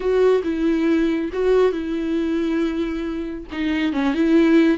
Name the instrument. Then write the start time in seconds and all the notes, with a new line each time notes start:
viola
0.00 F#4
0.43 E4
1.32 F#4
1.72 E4
3.52 D#4
3.92 C#4
4.13 E4